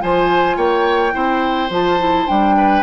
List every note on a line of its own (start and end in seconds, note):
0.00 0.57 F3
0.00 1.12 F4
0.00 0.57 C5
0.00 0.58 G#5
0.57 1.13 A#3
0.57 1.14 C#5
0.57 1.71 G5
1.12 1.70 C4
1.12 1.69 E4
1.12 2.56 C5
1.70 2.26 F3
1.70 1.99 F4
1.70 2.28 A5
1.99 2.27 E4
2.27 2.83 G3
2.27 2.83 D4
2.27 2.83 G5
2.57 2.83 B4